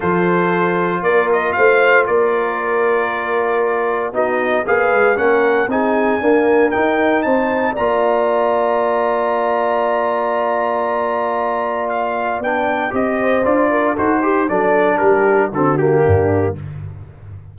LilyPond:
<<
  \new Staff \with { instrumentName = "trumpet" } { \time 4/4 \tempo 4 = 116 c''2 d''8 dis''8 f''4 | d''1 | dis''4 f''4 fis''4 gis''4~ | gis''4 g''4 a''4 ais''4~ |
ais''1~ | ais''2. f''4 | g''4 dis''4 d''4 c''4 | d''4 ais'4 a'8 g'4. | }
  \new Staff \with { instrumentName = "horn" } { \time 4/4 a'2 ais'4 c''4 | ais'1 | fis'4 b'4 ais'4 gis'4 | ais'2 c''4 d''4~ |
d''1~ | d''1~ | d''4. c''4 ais'8 a'8 g'8 | a'4 g'4 fis'4 d'4 | }
  \new Staff \with { instrumentName = "trombone" } { \time 4/4 f'1~ | f'1 | dis'4 gis'4 cis'4 dis'4 | ais4 dis'2 f'4~ |
f'1~ | f'1 | d'4 g'4 f'4 fis'8 g'8 | d'2 c'8 ais4. | }
  \new Staff \with { instrumentName = "tuba" } { \time 4/4 f2 ais4 a4 | ais1 | b4 ais8 gis8 ais4 c'4 | d'4 dis'4 c'4 ais4~ |
ais1~ | ais1 | b4 c'4 d'4 dis'4 | fis4 g4 d4 g,4 | }
>>